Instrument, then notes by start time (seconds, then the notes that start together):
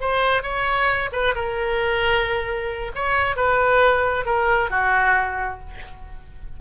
oboe
0.00 C5
0.43 C#5
1.12 B4
1.35 A#4
2.95 C#5
3.36 B4
4.25 A#4
4.70 F#4